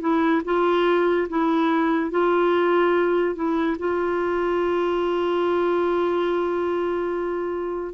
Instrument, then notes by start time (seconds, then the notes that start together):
clarinet
0.00 E4
0.44 F4
1.29 E4
2.10 F4
3.35 E4
3.78 F4